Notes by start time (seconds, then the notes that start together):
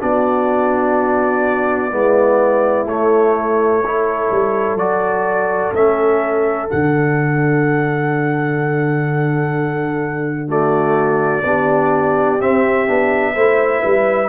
0.00 B3 D4 F#4 D5
1.90 G#3 B3 E4
2.86 A3 C#5
3.83 E4 A4
4.31 G3
4.75 F#3 F#4 D5
5.73 A3 C#4 E5
6.68 D3 D4 F#5
10.48 A3 F#4 D5
11.44 B3 D4 G4
12.40 C4 E5
12.87 B3 D4
13.35 A3 E4 C5
13.81 G3 B4